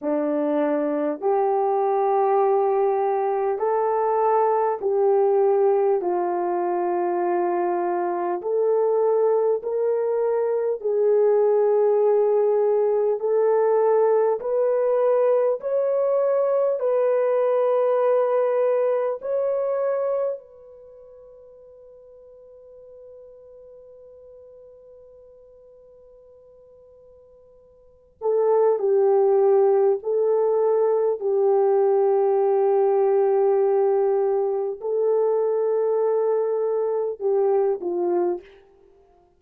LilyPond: \new Staff \with { instrumentName = "horn" } { \time 4/4 \tempo 4 = 50 d'4 g'2 a'4 | g'4 f'2 a'4 | ais'4 gis'2 a'4 | b'4 cis''4 b'2 |
cis''4 b'2.~ | b'2.~ b'8 a'8 | g'4 a'4 g'2~ | g'4 a'2 g'8 f'8 | }